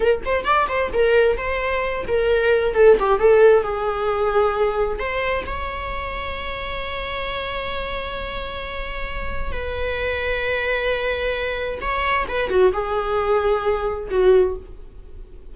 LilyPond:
\new Staff \with { instrumentName = "viola" } { \time 4/4 \tempo 4 = 132 ais'8 c''8 d''8 c''8 ais'4 c''4~ | c''8 ais'4. a'8 g'8 a'4 | gis'2. c''4 | cis''1~ |
cis''1~ | cis''4 b'2.~ | b'2 cis''4 b'8 fis'8 | gis'2. fis'4 | }